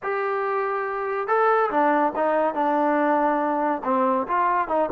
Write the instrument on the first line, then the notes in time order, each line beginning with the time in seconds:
trombone
0.03 G4
1.27 A4
1.70 D4
2.15 D#4
2.54 D4
3.84 C4
4.27 F4
4.68 D#4